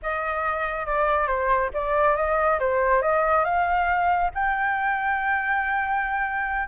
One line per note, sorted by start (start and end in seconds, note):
0.02 0.86 D#5
0.86 1.27 D5
1.27 1.70 C5
1.73 2.16 D5
2.16 2.59 D#5
2.59 3.01 C5
3.01 3.44 D#5
3.44 4.30 F5
4.34 6.67 G5